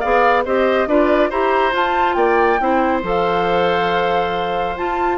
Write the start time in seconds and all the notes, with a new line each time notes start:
0.00 B3 G#4 D5 F5
0.45 C4 G4 C5 D#5
0.87 D4 F4 B4 D5
1.29 E4 G4 C5 A#5
1.72 F4 A5
2.13 A#3 D5 G5
2.60 C4 E4 C5
3.03 F3 A4 F5
4.77 F4 A5